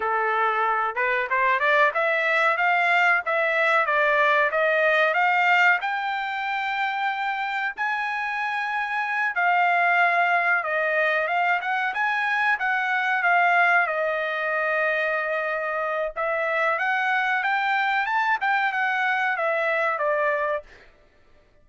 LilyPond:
\new Staff \with { instrumentName = "trumpet" } { \time 4/4 \tempo 4 = 93 a'4. b'8 c''8 d''8 e''4 | f''4 e''4 d''4 dis''4 | f''4 g''2. | gis''2~ gis''8 f''4.~ |
f''8 dis''4 f''8 fis''8 gis''4 fis''8~ | fis''8 f''4 dis''2~ dis''8~ | dis''4 e''4 fis''4 g''4 | a''8 g''8 fis''4 e''4 d''4 | }